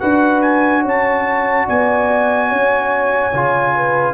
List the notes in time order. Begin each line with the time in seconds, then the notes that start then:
0.00 D4 F#4 B4 F#5
0.42 G#5
0.82 C#4 C#5
0.88 A5
1.66 B3 D5 G#5
2.49 C#4 C#5
3.34 C#3 F4
3.76 B4